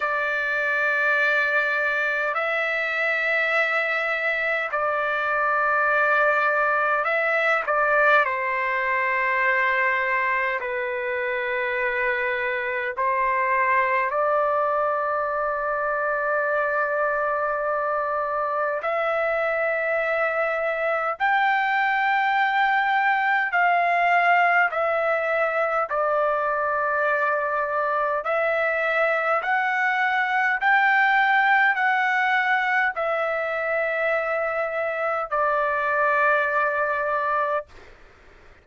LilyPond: \new Staff \with { instrumentName = "trumpet" } { \time 4/4 \tempo 4 = 51 d''2 e''2 | d''2 e''8 d''8 c''4~ | c''4 b'2 c''4 | d''1 |
e''2 g''2 | f''4 e''4 d''2 | e''4 fis''4 g''4 fis''4 | e''2 d''2 | }